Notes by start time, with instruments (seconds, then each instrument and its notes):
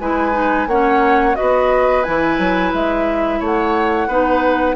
0.00 bassoon G#3, clarinet E4, oboe B4, flute G#5
0.32 clarinet D#4
0.67 bassoon A#3, clarinet C#4, oboe C#5, flute F#5
1.35 clarinet F#4, oboe B4, flute D#5
1.41 bassoon B3
2.03 bassoon E3, clarinet E4, flute G#5
2.38 bassoon F#3
2.73 bassoon G#3, flute E5
3.40 bassoon A3, oboe C#5, flute F#5
4.08 bassoon B3, clarinet D#4, oboe B4